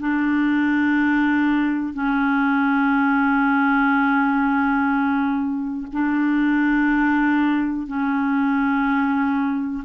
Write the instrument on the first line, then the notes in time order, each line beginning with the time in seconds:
clarinet
0.00 D4
1.94 C#4
5.93 D4
7.87 C#4